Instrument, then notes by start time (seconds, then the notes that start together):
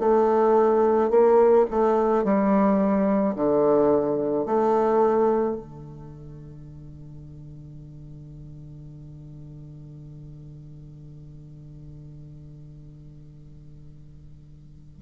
bassoon
0.00 A3
1.10 A#3
1.70 A3
2.24 G3
3.36 D3
4.45 A3
5.56 D3